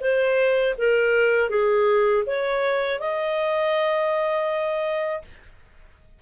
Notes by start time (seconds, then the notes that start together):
0.00 C5
0.78 A#4
1.49 G#4
2.26 C#5
3.00 D#5